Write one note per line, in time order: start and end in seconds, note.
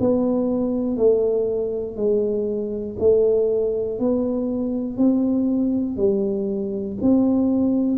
0.00 0.97 B3
0.97 1.96 A3
1.96 2.96 G#3
2.99 3.99 A3
3.99 4.97 B3
4.97 5.97 C4
5.97 6.97 G3
7.01 7.97 C4